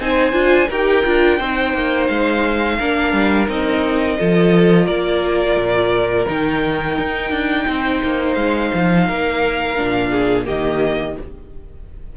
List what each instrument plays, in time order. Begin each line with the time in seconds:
0.00 cello C4, viola D#4, violin C5 G#5
0.33 cello D4, viola F4
0.68 cello D#4, viola G4, violin A#4 G5
1.05 cello D4, viola F4
1.38 cello C4, viola D#4, violin C5
1.74 cello A#3
2.07 cello G#3, violin F5
2.78 cello A#3, viola D4, violin A#4
3.13 cello G3
3.48 cello C4, viola D#4, violin D#5
4.18 cello F3, viola F4, violin A4
4.85 cello A#3, violin A#4 D5
5.56 cello A#2
6.26 cello D#3, viola D#4, violin G5
6.98 cello D#4
7.31 cello D4
7.68 cello C4, violin C5
8.03 cello A#3
8.34 cello G#3, violin F5
8.74 cello F3
9.07 cello A#3, violin A#4
9.76 cello A#2, viola D4
10.11 violin G#4
10.45 cello D#3, viola A#3, violin G4 D#5